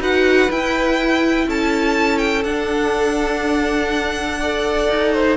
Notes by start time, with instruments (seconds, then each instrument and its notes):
0.00 cello D#4, viola F#4, violin B4 F#5
0.50 viola E4, cello E4, violin G5
1.47 cello C#4, violin A4 A5
2.18 violin G5
2.44 viola D4, cello D4, violin F#5
4.40 viola A4, violin D5
4.90 cello D#4
5.13 violin C5